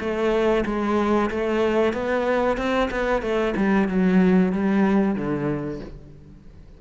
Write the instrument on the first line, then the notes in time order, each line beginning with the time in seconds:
cello
0.00 A3
0.65 G#3
1.30 A3
1.93 B3
2.57 C4
2.91 B3
3.22 A3
3.57 G3
3.88 F#3
4.52 G3
5.15 D3